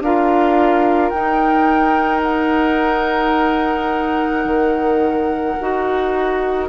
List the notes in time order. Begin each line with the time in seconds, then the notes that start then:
0.00 D4 F4 A#4 F5
1.10 D#4 G5
2.22 F#5
4.44 D#3
5.60 D#4 F#4